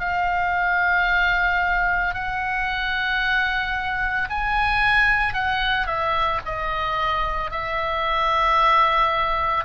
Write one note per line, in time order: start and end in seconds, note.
0.00 2.14 F5
2.14 4.29 F#5
4.30 5.34 G#5
5.34 5.87 F#5
5.87 6.40 E5
6.45 7.51 D#5
7.51 9.65 E5